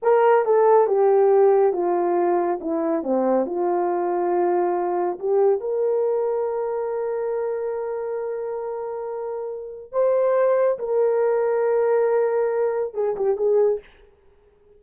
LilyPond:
\new Staff \with { instrumentName = "horn" } { \time 4/4 \tempo 4 = 139 ais'4 a'4 g'2 | f'2 e'4 c'4 | f'1 | g'4 ais'2.~ |
ais'1~ | ais'2. c''4~ | c''4 ais'2.~ | ais'2 gis'8 g'8 gis'4 | }